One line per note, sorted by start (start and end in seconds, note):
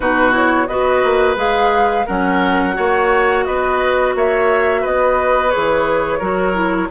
0.00 0.68 B2
0.00 0.31 D#4
0.00 0.67 F#4
0.00 0.34 B4
0.31 0.66 E4
0.31 0.67 C#5
0.67 1.02 B3
0.67 1.35 F#4
0.67 2.06 B4
0.67 1.36 D#5
1.04 1.35 A#3
1.35 2.04 G#3
1.35 2.04 G#4
1.35 2.07 F5
2.06 2.77 F#3
2.06 2.73 C#4
2.06 2.75 A#4
2.06 3.44 F#5
2.73 3.46 A#3
2.73 5.49 F#4
2.73 3.45 C#5
3.44 4.15 B3
3.44 4.14 B4
3.44 4.13 D#5
4.15 4.84 A#3
4.15 4.81 C#5
4.15 4.85 E5
4.81 5.54 B3
4.81 6.18 B4
4.81 5.50 D#5
5.50 6.20 E3
5.50 6.19 G#4
5.50 6.88 C#5
6.18 6.89 F#3
6.18 6.53 F#4
6.18 6.87 A#4
6.53 6.87 E4